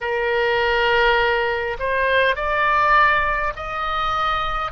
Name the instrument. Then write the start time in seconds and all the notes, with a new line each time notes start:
oboe
0.01 A#4
1.79 C5
2.35 D5
3.56 D#5